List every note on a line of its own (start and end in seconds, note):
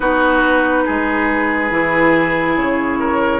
0.00 0.85 B3
0.00 1.70 D#4
0.00 0.84 F#4
0.00 2.54 B4
0.85 1.71 G#3
0.85 2.99 G#4
1.70 2.56 E3
1.70 3.40 E4
2.56 3.40 C#3
2.56 3.40 C#5
2.99 3.40 A#4